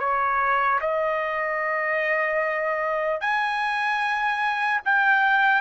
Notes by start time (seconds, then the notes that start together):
0.00 C#5
0.81 D#5
3.21 G#5
4.85 G5